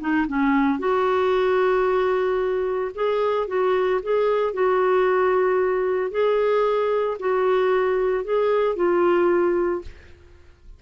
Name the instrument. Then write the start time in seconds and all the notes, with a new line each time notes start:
clarinet
0.00 D#4
0.27 C#4
0.79 F#4
2.94 G#4
3.47 F#4
4.02 G#4
4.53 F#4
6.11 G#4
7.19 F#4
8.24 G#4
8.75 F4